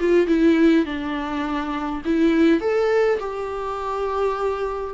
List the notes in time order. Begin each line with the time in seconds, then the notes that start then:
0.00 F4
0.27 E4
0.86 D4
2.05 E4
2.61 A4
3.20 G4